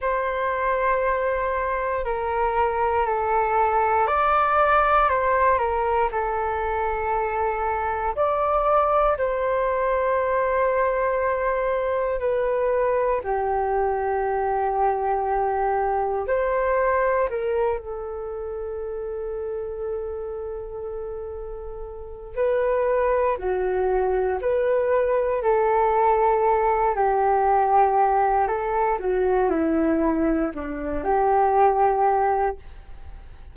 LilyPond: \new Staff \with { instrumentName = "flute" } { \time 4/4 \tempo 4 = 59 c''2 ais'4 a'4 | d''4 c''8 ais'8 a'2 | d''4 c''2. | b'4 g'2. |
c''4 ais'8 a'2~ a'8~ | a'2 b'4 fis'4 | b'4 a'4. g'4. | a'8 fis'8 e'4 d'8 g'4. | }